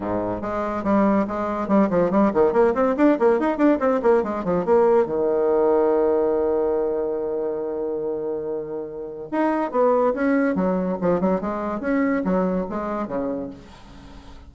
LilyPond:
\new Staff \with { instrumentName = "bassoon" } { \time 4/4 \tempo 4 = 142 gis,4 gis4 g4 gis4 | g8 f8 g8 dis8 ais8 c'8 d'8 ais8 | dis'8 d'8 c'8 ais8 gis8 f8 ais4 | dis1~ |
dis1~ | dis2 dis'4 b4 | cis'4 fis4 f8 fis8 gis4 | cis'4 fis4 gis4 cis4 | }